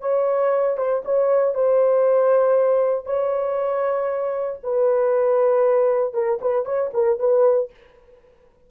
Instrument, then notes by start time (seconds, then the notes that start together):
horn
0.00 C#5
0.77 C5
1.05 C#5
1.54 C5
3.06 C#5
4.63 B4
6.14 A#4
6.41 B4
6.65 C#5
6.93 A#4
7.19 B4